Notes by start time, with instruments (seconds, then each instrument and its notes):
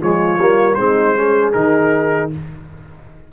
0.00 tuba F3, trombone G#3, horn F4, trumpet C#5
0.37 tuba G3, trombone A#3
0.75 tuba G#3, trombone C4, horn D#4, trumpet C5
1.16 trombone C#4, horn G#4
1.53 tuba D#3, trombone D#4, trumpet A#4